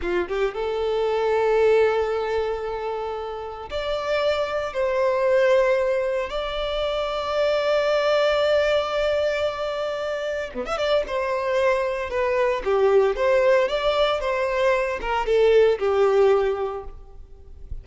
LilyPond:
\new Staff \with { instrumentName = "violin" } { \time 4/4 \tempo 4 = 114 f'8 g'8 a'2.~ | a'2. d''4~ | d''4 c''2. | d''1~ |
d''1 | b16 e''16 d''8 c''2 b'4 | g'4 c''4 d''4 c''4~ | c''8 ais'8 a'4 g'2 | }